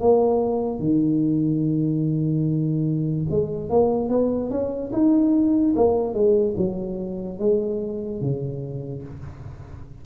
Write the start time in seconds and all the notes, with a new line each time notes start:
0.00 A#3
0.79 D#3
3.30 G#3
3.69 A#3
4.09 B3
4.50 C#4
4.92 D#4
5.75 A#3
6.13 G#3
6.57 F#3
7.39 G#3
8.21 C#3